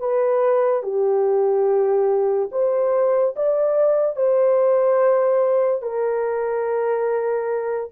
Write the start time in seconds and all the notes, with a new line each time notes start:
0.00 B4
0.83 G4
2.52 C5
3.36 D5
4.16 C5
5.83 A#4